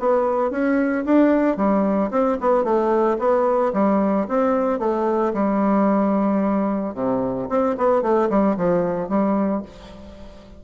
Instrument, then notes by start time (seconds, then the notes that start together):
bassoon
0.00 B3
0.51 C#4
1.06 D4
1.57 G3
2.11 C4
2.41 B3
2.64 A3
3.19 B3
3.74 G3
4.29 C4
4.80 A3
5.34 G3
6.95 C3
7.50 C4
7.78 B3
8.02 A3
8.30 G3
8.57 F3
9.09 G3